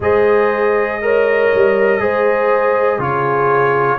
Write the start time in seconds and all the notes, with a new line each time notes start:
0.00 G#3 G#4 C5 D#5
1.01 A#4 C#5
1.54 G3
1.99 G#3 G#4 C5
2.97 C#3 F4 G#4 C#5